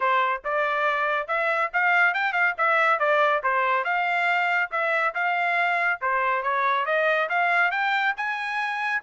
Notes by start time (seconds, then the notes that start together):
0.00 C5
0.44 D5
1.27 E5
1.73 F5
2.14 G5
2.33 F5
2.57 E5
2.99 D5
3.43 C5
3.84 F5
4.71 E5
5.14 F5
6.01 C5
6.42 C#5
6.85 D#5
7.29 F5
7.71 G5
8.16 G#5